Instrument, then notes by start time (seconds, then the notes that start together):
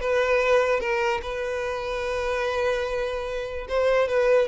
violin
0.00 B4
0.80 A#4
1.22 B4
3.68 C5
4.08 B4